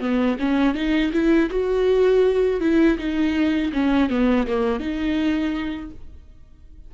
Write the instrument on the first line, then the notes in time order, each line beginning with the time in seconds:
viola
0.00 B3
0.39 C#4
0.74 D#4
1.12 E4
1.50 F#4
2.60 E4
2.98 D#4
3.73 C#4
4.09 B3
4.47 A#3
4.79 D#4